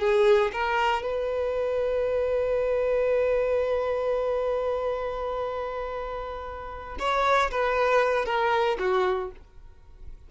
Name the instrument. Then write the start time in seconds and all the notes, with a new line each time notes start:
violin
0.00 G#4
0.53 A#4
1.03 B4
6.99 C#5
7.51 B4
8.26 A#4
8.80 F#4